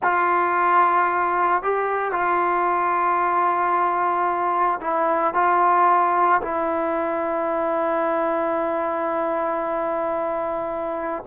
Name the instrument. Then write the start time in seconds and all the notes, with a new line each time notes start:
trombone
0.02 F4
1.62 G4
2.12 F4
4.80 E4
5.34 F4
6.41 E4